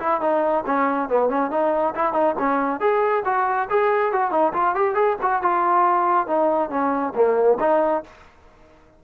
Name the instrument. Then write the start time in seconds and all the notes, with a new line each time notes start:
trombone
0.00 E4
0.21 D#4
0.67 C#4
1.09 B3
1.29 C#4
1.51 D#4
1.95 E4
2.14 D#4
2.39 C#4
2.80 G#4
3.25 F#4
3.70 G#4
4.12 F#4
4.31 D#4
4.54 F4
4.75 G4
4.95 G#4
5.22 F#4
5.43 F4
6.27 D#4
6.70 C#4
7.15 A#3
7.60 D#4